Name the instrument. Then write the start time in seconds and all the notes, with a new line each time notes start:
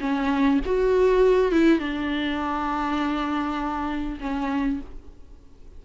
viola
0.00 C#4
0.65 F#4
1.52 E4
1.79 D4
4.20 C#4